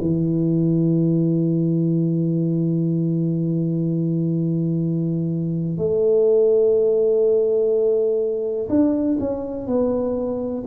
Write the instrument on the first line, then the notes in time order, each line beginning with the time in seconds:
tuba
0.00 E3
5.77 A3
8.69 D4
9.19 C#4
9.66 B3